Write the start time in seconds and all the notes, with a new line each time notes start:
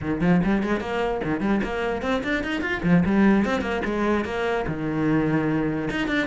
0.01 D#3
0.20 F3
0.44 G3
0.62 G#3
0.80 A#3
1.24 D#3
1.40 G3
1.63 A#3
2.02 C4
2.23 D4
2.43 D#4
2.61 F4
2.83 F3
3.05 G3
3.45 C4
3.61 A#3
3.85 G#3
4.25 A#3
4.67 D#3
5.90 D#4
6.07 D4